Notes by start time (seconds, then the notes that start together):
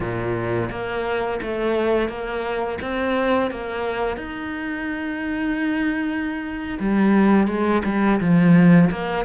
0.00 A#2
0.70 A#3
1.42 A3
2.08 A#3
2.81 C4
3.50 A#3
4.17 D#4
6.79 G3
7.47 G#3
7.85 G3
8.20 F3
8.90 A#3